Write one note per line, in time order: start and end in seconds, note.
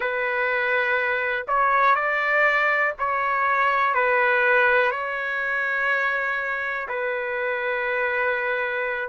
0.00 1.46 B4
1.47 1.94 C#5
1.94 2.93 D5
2.98 3.94 C#5
3.94 4.91 B4
4.91 6.88 C#5
6.88 9.08 B4